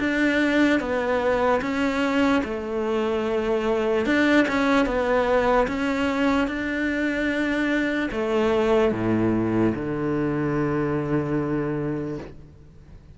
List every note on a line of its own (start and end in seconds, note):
0.00 0.80 D4
0.80 1.61 B3
1.62 2.43 C#4
2.44 4.06 A3
4.06 4.47 D4
4.48 4.86 C#4
4.86 5.68 B3
5.68 6.48 C#4
6.48 8.10 D4
8.12 8.93 A3
8.93 9.74 A2
9.75 12.18 D3